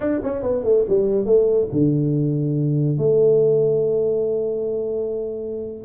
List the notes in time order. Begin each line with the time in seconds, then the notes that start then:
0.00 D4
0.23 C#4
0.42 B3
0.63 A3
0.88 G3
1.25 A3
1.71 D3
2.98 A3